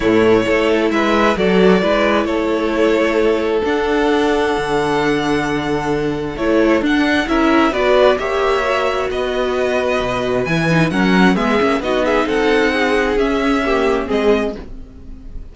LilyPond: <<
  \new Staff \with { instrumentName = "violin" } { \time 4/4 \tempo 4 = 132 cis''2 e''4 d''4~ | d''4 cis''2. | fis''1~ | fis''2 cis''4 fis''4 |
e''4 d''4 e''2 | dis''2. gis''4 | fis''4 e''4 dis''8 e''8 fis''4~ | fis''4 e''2 dis''4 | }
  \new Staff \with { instrumentName = "violin" } { \time 4/4 e'4 a'4 b'4 a'4 | b'4 a'2.~ | a'1~ | a'1 |
ais'4 b'4 cis''2 | b'1 | ais'4 gis'4 fis'8 gis'8 a'4 | gis'2 g'4 gis'4 | }
  \new Staff \with { instrumentName = "viola" } { \time 4/4 a4 e'2 fis'4 | e'1 | d'1~ | d'2 e'4 d'4 |
e'4 fis'4 g'4 fis'4~ | fis'2. e'8 dis'8 | cis'4 b8 cis'8 dis'2~ | dis'4 cis'4 ais4 c'4 | }
  \new Staff \with { instrumentName = "cello" } { \time 4/4 a,4 a4 gis4 fis4 | gis4 a2. | d'2 d2~ | d2 a4 d'4 |
cis'4 b4 ais2 | b2 b,4 e4 | fis4 gis8 ais8 b4 c'4~ | c'4 cis'2 gis4 | }
>>